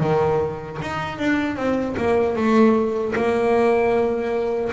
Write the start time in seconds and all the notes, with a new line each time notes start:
0.00 D#3
0.82 D#4
1.19 D4
1.57 C4
1.97 A#3
2.36 A3
3.16 A#3